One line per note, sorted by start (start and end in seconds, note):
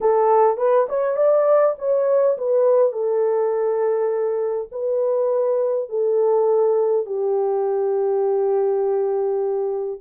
0.01 0.57 A4
0.57 0.86 B4
0.88 1.16 C#5
1.16 1.75 D5
1.78 2.37 C#5
2.37 2.92 B4
2.92 4.68 A4
4.71 5.89 B4
5.89 7.06 A4
7.06 10.00 G4